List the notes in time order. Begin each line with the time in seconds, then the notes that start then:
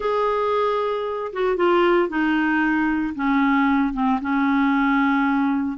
0.00 G#4
1.33 F#4
1.56 F4
2.08 D#4
3.15 C#4
3.93 C4
4.21 C#4